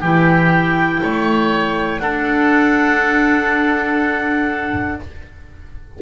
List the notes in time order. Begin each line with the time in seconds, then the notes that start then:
0.00 E3 E4 G4 G5
1.02 A3 C#5
1.99 D4 A4 F#5